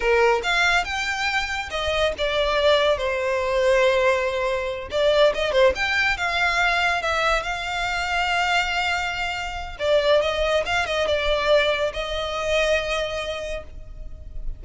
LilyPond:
\new Staff \with { instrumentName = "violin" } { \time 4/4 \tempo 4 = 141 ais'4 f''4 g''2 | dis''4 d''2 c''4~ | c''2.~ c''8 d''8~ | d''8 dis''8 c''8 g''4 f''4.~ |
f''8 e''4 f''2~ f''8~ | f''2. d''4 | dis''4 f''8 dis''8 d''2 | dis''1 | }